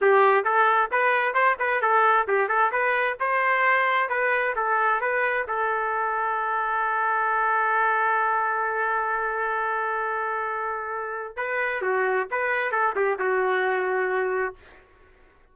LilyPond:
\new Staff \with { instrumentName = "trumpet" } { \time 4/4 \tempo 4 = 132 g'4 a'4 b'4 c''8 b'8 | a'4 g'8 a'8 b'4 c''4~ | c''4 b'4 a'4 b'4 | a'1~ |
a'1~ | a'1~ | a'4 b'4 fis'4 b'4 | a'8 g'8 fis'2. | }